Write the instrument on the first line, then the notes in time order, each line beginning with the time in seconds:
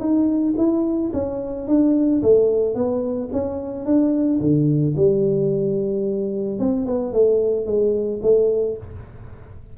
tuba
0.00 D#4
0.57 E4
1.14 C#4
1.68 D4
2.23 A3
2.75 B3
3.33 C#4
3.86 D4
4.41 D3
4.97 G3
6.59 C4
6.86 B3
7.13 A3
7.66 G#3
8.23 A3